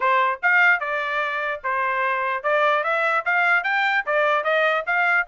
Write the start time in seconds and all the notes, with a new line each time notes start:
0.00 C5
0.42 F5
0.80 D5
1.63 C5
2.43 D5
2.83 E5
3.25 F5
3.63 G5
4.06 D5
4.43 D#5
4.86 F5